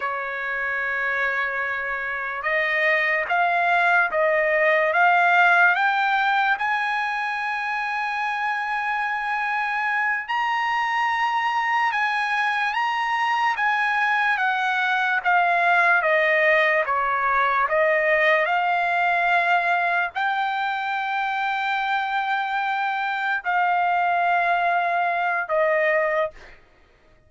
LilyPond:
\new Staff \with { instrumentName = "trumpet" } { \time 4/4 \tempo 4 = 73 cis''2. dis''4 | f''4 dis''4 f''4 g''4 | gis''1~ | gis''8 ais''2 gis''4 ais''8~ |
ais''8 gis''4 fis''4 f''4 dis''8~ | dis''8 cis''4 dis''4 f''4.~ | f''8 g''2.~ g''8~ | g''8 f''2~ f''8 dis''4 | }